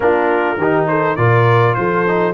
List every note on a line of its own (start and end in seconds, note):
0.00 0.57 A#3
0.00 0.57 D4
0.00 0.58 F4
0.00 0.85 A#4
0.57 1.16 D#3
0.57 1.17 D#4
0.57 0.87 G4
0.87 1.18 A4
0.87 1.16 C5
1.16 1.76 A#2
1.16 2.06 F4
1.16 1.77 A#4
1.16 1.74 D5
1.74 2.33 F3
1.74 2.33 A4
1.74 2.33 C5
2.08 2.33 D#4